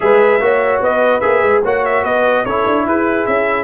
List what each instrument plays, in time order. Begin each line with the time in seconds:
0.00 tuba G#3, trombone G#4, horn B4, trumpet E5
0.40 tuba A#3, trombone F#4, horn C#5
0.80 tuba B3, horn B4, trumpet D#5
1.20 tuba A#3, trombone G#4, trumpet E5
1.42 tuba G#3
1.62 tuba A#3, trombone F#4, horn C#5, trumpet F#5
1.85 trumpet E5
2.03 tuba B3, horn B4, trumpet D#5
2.44 tuba C#4, trombone E4, horn A4, trumpet C#5
2.66 tuba D4
2.85 tuba E4, horn G#4, trumpet B4
3.26 tuba C#4, trumpet E5